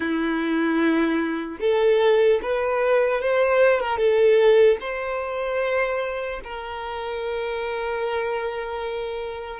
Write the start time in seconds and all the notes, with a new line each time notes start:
0.00 E4
1.60 A4
2.42 B4
3.21 C5
3.80 A#4
3.97 A4
4.80 C5
6.44 A#4